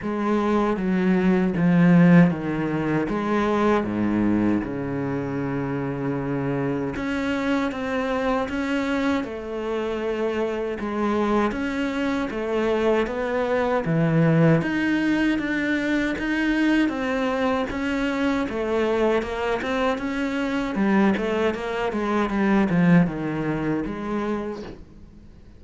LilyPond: \new Staff \with { instrumentName = "cello" } { \time 4/4 \tempo 4 = 78 gis4 fis4 f4 dis4 | gis4 gis,4 cis2~ | cis4 cis'4 c'4 cis'4 | a2 gis4 cis'4 |
a4 b4 e4 dis'4 | d'4 dis'4 c'4 cis'4 | a4 ais8 c'8 cis'4 g8 a8 | ais8 gis8 g8 f8 dis4 gis4 | }